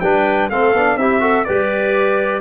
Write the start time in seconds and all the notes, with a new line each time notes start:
0.00 G3 D4 B4 G5
0.49 A3 C4 A4 F5
0.73 B3 D4
0.96 C4 E4 G4 E5
1.20 F#4 A4
1.44 G3 G4 B4 D5